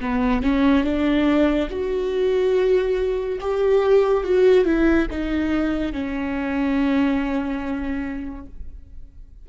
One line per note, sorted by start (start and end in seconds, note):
0.00 0.42 B3
0.42 0.84 C#4
0.84 1.68 D4
1.70 3.39 F#4
3.41 4.24 G4
4.24 4.65 F#4
4.65 5.07 E4
5.10 5.92 D#4
5.92 8.46 C#4